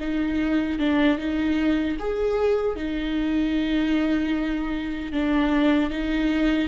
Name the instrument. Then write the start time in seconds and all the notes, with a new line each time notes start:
viola
0.00 D#4
0.79 D4
1.18 D#4
2.00 G#4
2.76 D#4
5.12 D4
5.91 D#4